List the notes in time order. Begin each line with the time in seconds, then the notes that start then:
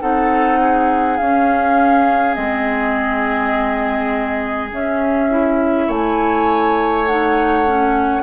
0.00 C4 D#4 A4 F#5
0.60 G#4
1.17 C#4 F5
2.34 G#3 C4 D#5
4.71 C#4 E5
5.30 E4
5.87 A3 C#5 G#5
7.07 D#4 F#5
7.67 C#4